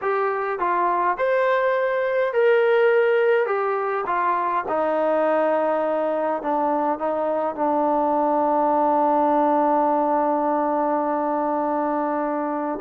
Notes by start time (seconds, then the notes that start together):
0.01 G4
0.59 F4
1.17 C5
2.33 A#4
3.46 G4
4.06 F4
4.68 D#4
6.42 D4
6.98 D#4
7.55 D4